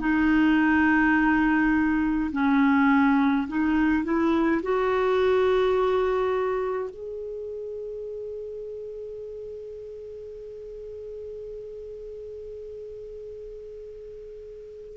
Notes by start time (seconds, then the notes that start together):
0.00 D#4
2.32 C#4
3.48 D#4
4.04 E4
4.63 F#4
6.90 G#4